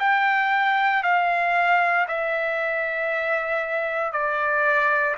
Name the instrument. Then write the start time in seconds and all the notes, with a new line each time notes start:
trumpet
0.00 G5
1.03 F5
2.08 E5
4.12 D5